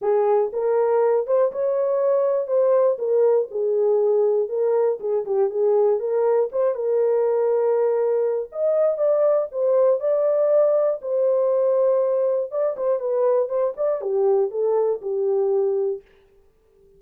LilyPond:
\new Staff \with { instrumentName = "horn" } { \time 4/4 \tempo 4 = 120 gis'4 ais'4. c''8 cis''4~ | cis''4 c''4 ais'4 gis'4~ | gis'4 ais'4 gis'8 g'8 gis'4 | ais'4 c''8 ais'2~ ais'8~ |
ais'4 dis''4 d''4 c''4 | d''2 c''2~ | c''4 d''8 c''8 b'4 c''8 d''8 | g'4 a'4 g'2 | }